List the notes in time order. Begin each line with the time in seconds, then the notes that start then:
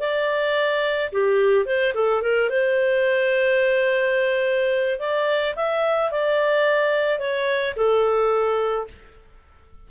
0.00 D5
1.13 G4
1.66 C5
1.95 A4
2.22 A#4
2.50 C5
4.99 D5
5.56 E5
6.12 D5
7.19 C#5
7.77 A4